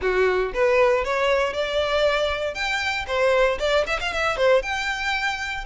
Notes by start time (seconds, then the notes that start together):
0.01 F#4
0.53 B4
1.04 C#5
1.53 D5
2.54 G5
3.07 C5
3.59 D5
3.86 E5
4.00 F5
4.12 E5
4.36 C5
4.62 G5